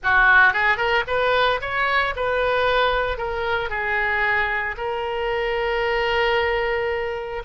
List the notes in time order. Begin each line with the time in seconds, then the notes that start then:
0.03 F#4
0.53 G#4
0.77 A#4
1.07 B4
1.61 C#5
2.16 B4
3.17 A#4
3.69 G#4
4.77 A#4